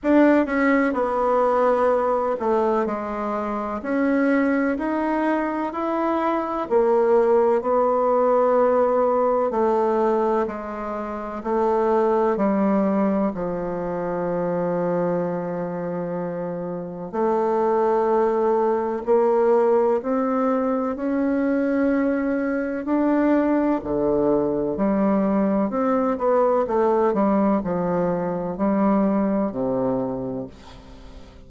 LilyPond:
\new Staff \with { instrumentName = "bassoon" } { \time 4/4 \tempo 4 = 63 d'8 cis'8 b4. a8 gis4 | cis'4 dis'4 e'4 ais4 | b2 a4 gis4 | a4 g4 f2~ |
f2 a2 | ais4 c'4 cis'2 | d'4 d4 g4 c'8 b8 | a8 g8 f4 g4 c4 | }